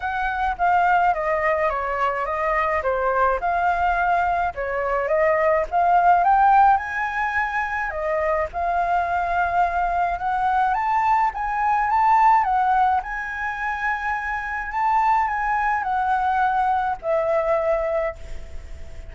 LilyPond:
\new Staff \with { instrumentName = "flute" } { \time 4/4 \tempo 4 = 106 fis''4 f''4 dis''4 cis''4 | dis''4 c''4 f''2 | cis''4 dis''4 f''4 g''4 | gis''2 dis''4 f''4~ |
f''2 fis''4 a''4 | gis''4 a''4 fis''4 gis''4~ | gis''2 a''4 gis''4 | fis''2 e''2 | }